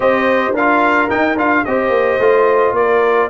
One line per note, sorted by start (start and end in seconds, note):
0.00 0.52 C4
0.00 0.53 G4
0.00 0.54 C5
0.00 0.54 D#5
0.53 1.08 D4
0.53 1.09 F4
0.53 1.64 A#4
0.53 1.09 F5
1.09 1.37 D#4
1.09 1.36 D#4
1.09 1.37 G5
1.36 1.63 D4
1.36 1.64 F4
1.36 1.65 F5
1.65 1.89 C4
1.65 2.20 G4
1.65 2.77 C5
1.65 2.75 D#5
1.89 2.16 A#3
2.19 2.72 A3
2.19 3.29 F4
2.72 3.27 A#3
2.72 3.29 A#4
2.72 3.29 D5